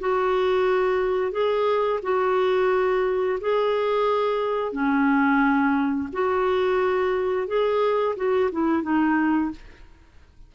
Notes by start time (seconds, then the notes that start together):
0.00 F#4
1.32 G#4
2.03 F#4
3.41 G#4
4.73 C#4
6.13 F#4
7.48 G#4
8.17 F#4
8.52 E4
8.83 D#4